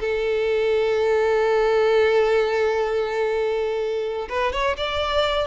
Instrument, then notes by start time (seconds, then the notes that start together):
violin
0.00 A4
4.29 B4
4.53 C#5
4.77 D5